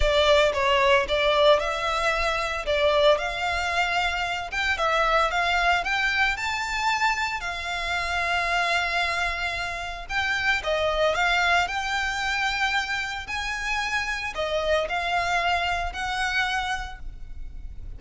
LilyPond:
\new Staff \with { instrumentName = "violin" } { \time 4/4 \tempo 4 = 113 d''4 cis''4 d''4 e''4~ | e''4 d''4 f''2~ | f''8 g''8 e''4 f''4 g''4 | a''2 f''2~ |
f''2. g''4 | dis''4 f''4 g''2~ | g''4 gis''2 dis''4 | f''2 fis''2 | }